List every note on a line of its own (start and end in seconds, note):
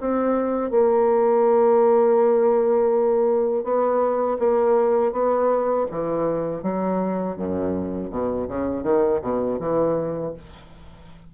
0.00 0.70 C4
0.70 3.63 A#3
3.63 4.37 B3
4.38 5.12 A#3
5.12 5.86 B3
5.91 6.62 E3
6.62 7.36 F#3
7.36 8.09 F#2
8.09 8.46 B2
8.47 8.83 C#3
8.83 9.20 D#3
9.21 9.58 B2
9.59 10.33 E3